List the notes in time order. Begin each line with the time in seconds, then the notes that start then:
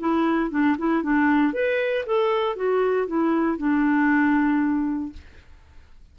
0.00 E4
0.51 D4
0.78 E4
1.03 D4
1.54 B4
2.06 A4
2.56 F#4
3.08 E4
3.58 D4